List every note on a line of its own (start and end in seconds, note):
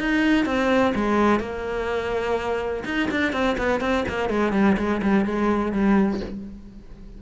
0.00 0.46 D#4
0.46 0.94 C4
0.95 1.40 G#3
1.40 2.84 A#3
2.85 3.09 D#4
3.11 3.33 D4
3.33 3.57 C4
3.58 3.81 B3
3.81 4.05 C4
4.09 4.29 A#3
4.29 4.53 G#3
4.53 4.77 G3
4.78 5.02 G#3
5.03 5.25 G3
5.25 5.72 G#3
5.72 6.20 G3